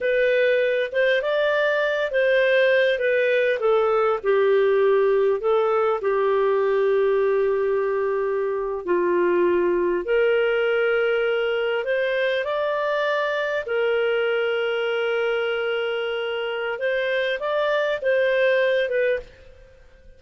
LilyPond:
\new Staff \with { instrumentName = "clarinet" } { \time 4/4 \tempo 4 = 100 b'4. c''8 d''4. c''8~ | c''4 b'4 a'4 g'4~ | g'4 a'4 g'2~ | g'2~ g'8. f'4~ f'16~ |
f'8. ais'2. c''16~ | c''8. d''2 ais'4~ ais'16~ | ais'1 | c''4 d''4 c''4. b'8 | }